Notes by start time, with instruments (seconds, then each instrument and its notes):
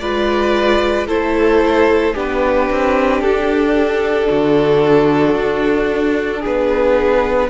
0.00 cello G#3, viola F4, violin B4 D5
1.07 cello A3, viola E4, violin A4 C5
2.15 cello B3, viola D4, violin G4 B4
2.71 cello C4
3.21 cello D4, violin A4
4.29 cello D3, violin F#4
5.35 cello D4
6.40 violin G#4 B4
6.47 cello B3